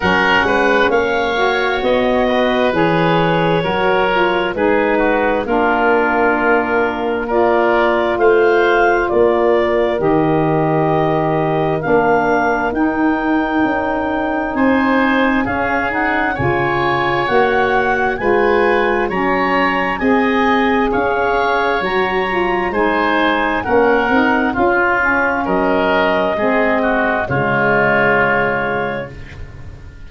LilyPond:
<<
  \new Staff \with { instrumentName = "clarinet" } { \time 4/4 \tempo 4 = 66 fis''4 f''4 dis''4 cis''4~ | cis''4 b'4 ais'2 | d''4 f''4 d''4 dis''4~ | dis''4 f''4 g''2 |
gis''4 f''8 fis''8 gis''4 fis''4 | gis''4 ais''4 gis''4 f''4 | ais''4 gis''4 fis''4 f''4 | dis''2 cis''2 | }
  \new Staff \with { instrumentName = "oboe" } { \time 4/4 ais'8 b'8 cis''4. b'4. | ais'4 gis'8 fis'8 f'2 | ais'4 c''4 ais'2~ | ais'1 |
c''4 gis'4 cis''2 | b'4 cis''4 dis''4 cis''4~ | cis''4 c''4 ais'4 f'4 | ais'4 gis'8 fis'8 f'2 | }
  \new Staff \with { instrumentName = "saxophone" } { \time 4/4 cis'4. fis'4. gis'4 | fis'8 f'8 dis'4 d'2 | f'2. g'4~ | g'4 d'4 dis'2~ |
dis'4 cis'8 dis'8 f'4 fis'4 | f'4 cis'4 gis'2 | fis'8 f'8 dis'4 cis'8 dis'8 f'8 cis'8~ | cis'4 c'4 gis2 | }
  \new Staff \with { instrumentName = "tuba" } { \time 4/4 fis8 gis8 ais4 b4 e4 | fis4 gis4 ais2~ | ais4 a4 ais4 dis4~ | dis4 ais4 dis'4 cis'4 |
c'4 cis'4 cis4 ais4 | gis4 fis4 c'4 cis'4 | fis4 gis4 ais8 c'8 cis'4 | fis4 gis4 cis2 | }
>>